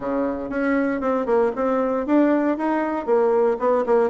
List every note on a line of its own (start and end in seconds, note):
0.00 0.49 C#3
0.49 1.00 C#4
1.00 1.26 C4
1.26 1.51 A#3
1.55 2.06 C4
2.06 2.57 D4
2.57 3.06 D#4
3.06 3.57 A#3
3.59 3.84 B3
3.86 4.09 A#3